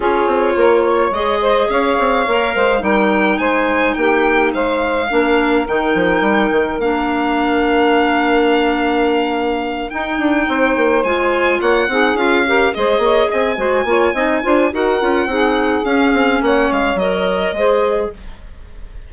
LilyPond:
<<
  \new Staff \with { instrumentName = "violin" } { \time 4/4 \tempo 4 = 106 cis''2 dis''4 f''4~ | f''4 g''4 gis''4 g''4 | f''2 g''2 | f''1~ |
f''4. g''2 gis''8~ | gis''8 fis''4 f''4 dis''4 gis''8~ | gis''2 fis''2 | f''4 fis''8 f''8 dis''2 | }
  \new Staff \with { instrumentName = "saxophone" } { \time 4/4 gis'4 ais'8 cis''4 c''8 cis''4~ | cis''8 c''8 ais'4 c''4 g'4 | c''4 ais'2.~ | ais'1~ |
ais'2~ ais'8 c''4.~ | c''8 cis''8 gis'4 ais'8 c''8 cis''8 dis''8 | c''8 cis''8 dis''8 c''8 ais'4 gis'4~ | gis'4 cis''2 c''4 | }
  \new Staff \with { instrumentName = "clarinet" } { \time 4/4 f'2 gis'2 | ais'4 dis'2.~ | dis'4 d'4 dis'2 | d'1~ |
d'4. dis'2 f'8~ | f'4 dis'8 f'8 g'8 gis'4. | fis'8 f'8 dis'8 f'8 fis'8 f'8 dis'4 | cis'2 ais'4 gis'4 | }
  \new Staff \with { instrumentName = "bassoon" } { \time 4/4 cis'8 c'8 ais4 gis4 cis'8 c'8 | ais8 gis8 g4 gis4 ais4 | gis4 ais4 dis8 f8 g8 dis8 | ais1~ |
ais4. dis'8 d'8 c'8 ais8 gis8~ | gis8 ais8 c'8 cis'4 gis8 ais8 c'8 | gis8 ais8 c'8 d'8 dis'8 cis'8 c'4 | cis'8 c'8 ais8 gis8 fis4 gis4 | }
>>